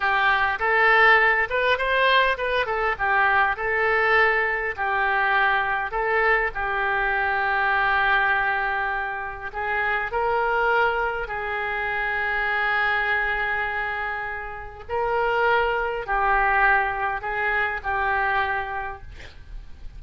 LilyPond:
\new Staff \with { instrumentName = "oboe" } { \time 4/4 \tempo 4 = 101 g'4 a'4. b'8 c''4 | b'8 a'8 g'4 a'2 | g'2 a'4 g'4~ | g'1 |
gis'4 ais'2 gis'4~ | gis'1~ | gis'4 ais'2 g'4~ | g'4 gis'4 g'2 | }